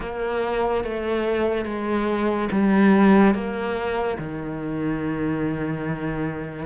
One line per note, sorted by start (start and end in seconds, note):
0.00 0.83 A#3
0.84 1.65 A3
1.65 2.48 G#3
2.52 3.34 G3
3.34 4.17 A#3
4.18 6.65 D#3